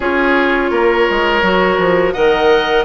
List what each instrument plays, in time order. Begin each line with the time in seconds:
0.00 bassoon C#4, clarinet F4, oboe G#4, flute C#5
0.70 bassoon A#3, oboe A#4
1.10 bassoon G#3
1.42 bassoon F#3, clarinet F#4
1.78 bassoon F3
2.12 bassoon D#3, clarinet A#4, oboe D#5, flute F#5